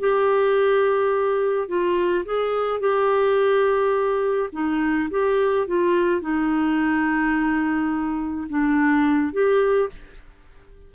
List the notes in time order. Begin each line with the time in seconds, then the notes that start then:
0.00 G4
1.68 F4
2.25 G#4
2.80 G4
4.53 D#4
5.11 G4
5.67 F4
6.21 D#4
8.50 D4
9.33 G4